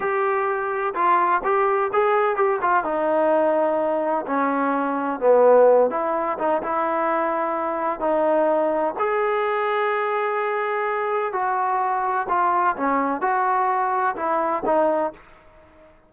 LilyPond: \new Staff \with { instrumentName = "trombone" } { \time 4/4 \tempo 4 = 127 g'2 f'4 g'4 | gis'4 g'8 f'8 dis'2~ | dis'4 cis'2 b4~ | b8 e'4 dis'8 e'2~ |
e'4 dis'2 gis'4~ | gis'1 | fis'2 f'4 cis'4 | fis'2 e'4 dis'4 | }